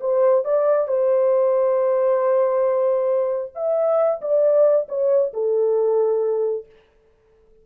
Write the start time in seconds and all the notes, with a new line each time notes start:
0.00 C5
0.44 D5
0.88 C5
3.55 E5
4.21 D5
4.88 C#5
5.33 A4